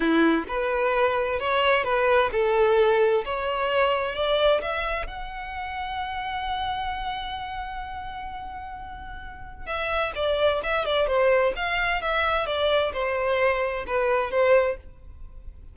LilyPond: \new Staff \with { instrumentName = "violin" } { \time 4/4 \tempo 4 = 130 e'4 b'2 cis''4 | b'4 a'2 cis''4~ | cis''4 d''4 e''4 fis''4~ | fis''1~ |
fis''1~ | fis''4 e''4 d''4 e''8 d''8 | c''4 f''4 e''4 d''4 | c''2 b'4 c''4 | }